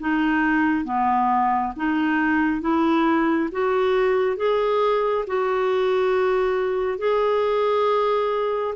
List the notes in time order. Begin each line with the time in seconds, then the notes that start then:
0.00 D#4
0.85 B3
1.76 D#4
2.61 E4
3.52 F#4
4.37 G#4
5.27 F#4
6.99 G#4